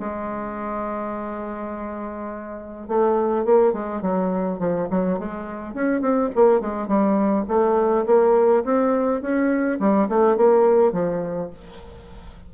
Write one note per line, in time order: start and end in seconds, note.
0.00 2.88 G#3
2.89 3.45 A3
3.45 3.73 A#3
3.73 4.02 G#3
4.02 4.60 F#3
4.60 4.89 F3
4.91 5.19 F#3
5.19 5.75 G#3
5.75 6.02 C#4
6.02 6.30 C4
6.36 6.61 A#3
6.61 6.88 G#3
6.88 7.46 G3
7.48 8.06 A3
8.07 8.64 A#3
8.65 9.22 C4
9.22 9.80 C#4
9.80 10.09 G3
10.09 10.37 A3
10.37 10.93 A#3
10.93 11.51 F3